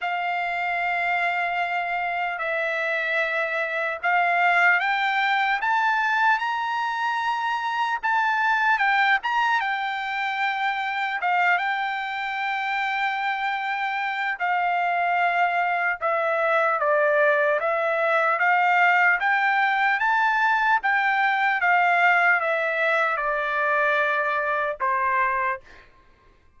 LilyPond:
\new Staff \with { instrumentName = "trumpet" } { \time 4/4 \tempo 4 = 75 f''2. e''4~ | e''4 f''4 g''4 a''4 | ais''2 a''4 g''8 ais''8 | g''2 f''8 g''4.~ |
g''2 f''2 | e''4 d''4 e''4 f''4 | g''4 a''4 g''4 f''4 | e''4 d''2 c''4 | }